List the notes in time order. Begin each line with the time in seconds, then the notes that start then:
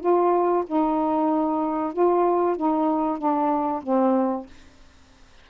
0.00 F4
0.66 D#4
1.93 F4
2.56 D#4
3.18 D4
3.82 C4